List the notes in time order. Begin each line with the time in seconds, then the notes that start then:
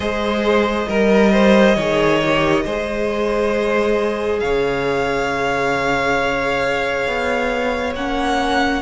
0.00 G#3 G#4 C5 D#5
0.88 G3 A#4
1.32 C5
1.75 D#3 G#4 C#5
2.24 G4
2.64 G#3 G#4 C5
4.39 C#3 C#5 F5
7.06 B3
7.95 A#3 C#4 F#5